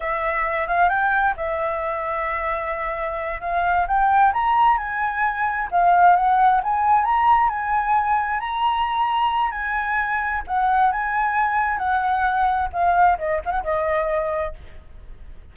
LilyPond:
\new Staff \with { instrumentName = "flute" } { \time 4/4 \tempo 4 = 132 e''4. f''8 g''4 e''4~ | e''2.~ e''8 f''8~ | f''8 g''4 ais''4 gis''4.~ | gis''8 f''4 fis''4 gis''4 ais''8~ |
ais''8 gis''2 ais''4.~ | ais''4 gis''2 fis''4 | gis''2 fis''2 | f''4 dis''8 f''16 fis''16 dis''2 | }